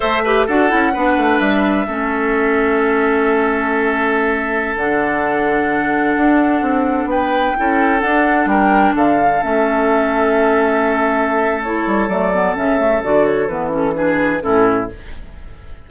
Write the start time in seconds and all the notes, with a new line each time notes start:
0.00 A3 A4 C5 E5
0.24 G4 B4
0.46 D4 F#4 A4 F#5
0.68 C#4 E4
0.93 B3 D4 B4
1.17 A3
1.39 G3 E5
1.87 A3 C#4 A4
4.76 D3 D4 F#5
6.16 D4
6.61 C4
7.05 B3 B4 G5
7.56 C#4 E4 A4
7.99 D4 F#5
8.45 G3 A#4 G5
8.94 D3 A4 F5
9.42 A3 C#4 E5
11.62 E4 C#5
11.86 G3
12.08 F#3 A3 D5
12.33 B3
12.55 C#3 C#4 E5
12.77 A3
13.03 D3 F#4 D5
13.24 C#5
13.48 E3 B3 B4
13.69 C#4 A4
13.94 D4 G#4 B4
14.40 A2 C#4 E4 A4